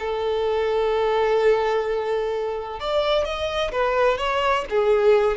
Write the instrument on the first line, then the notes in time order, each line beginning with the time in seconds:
violin
0.00 A4
2.80 D5
3.25 D#5
3.72 B4
4.18 C#5
4.70 G#4